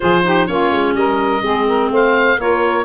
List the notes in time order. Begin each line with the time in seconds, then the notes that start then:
0.00 F3 F4 G#4 C5
0.24 D#4 G4
0.46 A#3 C#4 F4 C#5
0.70 G#3
0.94 G3 A#4 D#5
1.42 G#3 C4 G#4
1.67 A#4
1.90 A3 C5 F5
2.38 A#3 F4 A#4 C#5